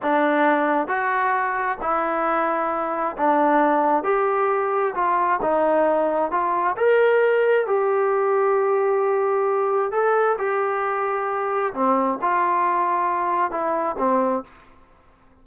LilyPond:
\new Staff \with { instrumentName = "trombone" } { \time 4/4 \tempo 4 = 133 d'2 fis'2 | e'2. d'4~ | d'4 g'2 f'4 | dis'2 f'4 ais'4~ |
ais'4 g'2.~ | g'2 a'4 g'4~ | g'2 c'4 f'4~ | f'2 e'4 c'4 | }